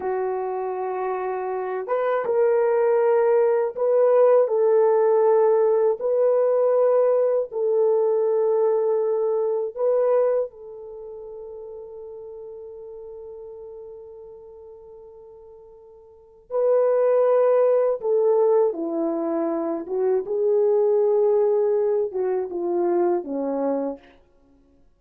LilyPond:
\new Staff \with { instrumentName = "horn" } { \time 4/4 \tempo 4 = 80 fis'2~ fis'8 b'8 ais'4~ | ais'4 b'4 a'2 | b'2 a'2~ | a'4 b'4 a'2~ |
a'1~ | a'2 b'2 | a'4 e'4. fis'8 gis'4~ | gis'4. fis'8 f'4 cis'4 | }